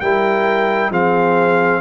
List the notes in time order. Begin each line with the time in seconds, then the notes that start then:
0.00 G3 E4 A#4 G5
0.90 F3 C4 G#4 F5